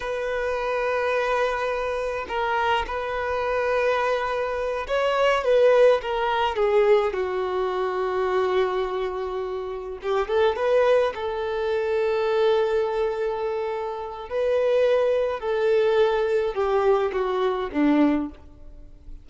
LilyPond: \new Staff \with { instrumentName = "violin" } { \time 4/4 \tempo 4 = 105 b'1 | ais'4 b'2.~ | b'8 cis''4 b'4 ais'4 gis'8~ | gis'8 fis'2.~ fis'8~ |
fis'4. g'8 a'8 b'4 a'8~ | a'1~ | a'4 b'2 a'4~ | a'4 g'4 fis'4 d'4 | }